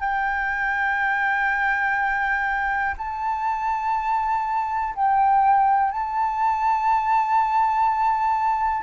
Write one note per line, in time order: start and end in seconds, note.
0.00 2.95 G5
2.97 4.94 A5
4.95 5.92 G5
5.92 8.83 A5